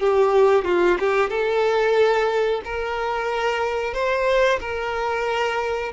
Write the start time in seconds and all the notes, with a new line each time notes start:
0.00 G4
0.64 F4
0.99 G4
1.29 A4
2.65 A#4
3.94 C5
4.60 A#4